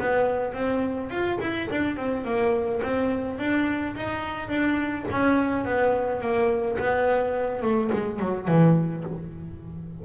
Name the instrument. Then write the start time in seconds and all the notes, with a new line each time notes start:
double bass
0.00 B3
0.54 C4
1.11 F4
1.41 E4
1.71 D4
1.97 C4
2.25 A#3
2.83 C4
3.39 D4
3.96 D#4
4.49 D4
5.11 C#4
5.65 B3
6.21 A#3
6.79 B3
7.63 A3
7.93 G#3
8.20 F#3
8.48 E3